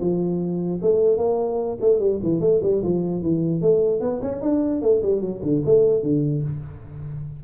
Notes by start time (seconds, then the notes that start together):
0.00 F3
0.82 A3
1.18 A#3
1.80 A3
1.99 G3
2.22 E3
2.41 A3
2.62 G3
2.83 F3
3.22 E3
3.61 A3
4.00 B3
4.22 C#4
4.41 D4
4.82 A3
5.02 G3
5.21 F#3
5.43 D3
5.65 A3
6.02 D3